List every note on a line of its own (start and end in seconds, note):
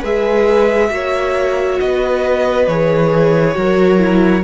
0.00 0.91 G#3
0.00 0.89 G#4
0.00 0.88 B4
0.00 1.80 E5
0.89 1.79 A#3
0.89 2.66 F#4
0.89 1.82 C#5
1.80 2.68 B3
1.80 3.57 B4
1.80 2.68 D#5
2.68 3.56 E3
2.68 3.54 G#4
2.68 4.44 C#5
3.54 4.44 F#3
3.54 3.98 F#4
3.54 4.44 A#4
3.99 4.43 E4